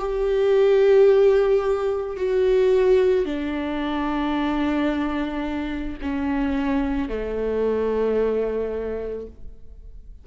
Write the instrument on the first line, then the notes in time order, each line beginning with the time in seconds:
viola
0.00 G4
2.17 F#4
3.26 D4
6.02 C#4
7.09 A3